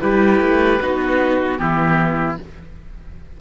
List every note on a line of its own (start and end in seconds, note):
0.00 0.40 G3
0.00 0.79 E4
0.00 0.82 G4
0.00 1.58 B4
0.40 0.79 A3
0.81 1.59 B3
0.81 1.58 D#4
0.81 1.61 F#4
1.58 2.37 E3
1.58 2.37 B3
1.58 2.40 E4
1.58 2.37 G4